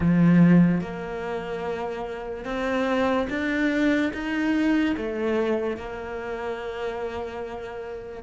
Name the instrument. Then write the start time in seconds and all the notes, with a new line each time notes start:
cello
0.00 F3
0.80 A#3
2.44 C4
3.29 D4
4.13 D#4
4.97 A3
5.76 A#3